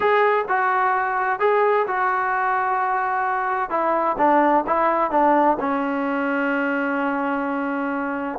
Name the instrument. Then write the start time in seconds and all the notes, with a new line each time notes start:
trombone
0.00 G#4
0.48 F#4
1.39 G#4
1.87 F#4
3.70 E4
4.18 D4
4.67 E4
5.10 D4
5.59 C#4